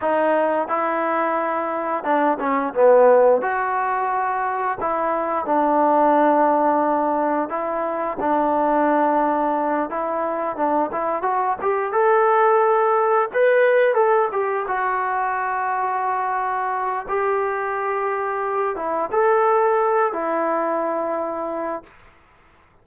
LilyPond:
\new Staff \with { instrumentName = "trombone" } { \time 4/4 \tempo 4 = 88 dis'4 e'2 d'8 cis'8 | b4 fis'2 e'4 | d'2. e'4 | d'2~ d'8 e'4 d'8 |
e'8 fis'8 g'8 a'2 b'8~ | b'8 a'8 g'8 fis'2~ fis'8~ | fis'4 g'2~ g'8 e'8 | a'4. e'2~ e'8 | }